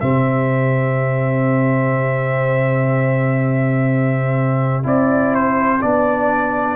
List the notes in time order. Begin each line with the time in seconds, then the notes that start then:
0.00 C3 C4 G4 E5
4.83 C4 E4 D5
5.35 C5
5.81 B3 D4 D5